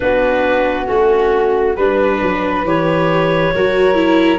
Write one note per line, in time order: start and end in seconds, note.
0.00 0.88 B3
0.00 0.86 D4
0.00 1.76 F#4
0.00 0.86 B4
0.86 1.76 A3
0.86 1.74 C#4
0.86 1.74 F#4
1.76 2.20 G3
1.76 2.66 D4
1.76 3.52 B4
1.76 2.66 B4
2.22 2.64 F#3
2.64 3.52 E3
2.64 3.54 G4
2.64 4.38 C#5
3.54 4.38 F#3
3.54 3.94 F#4
3.54 4.38 A#4
3.94 4.38 E4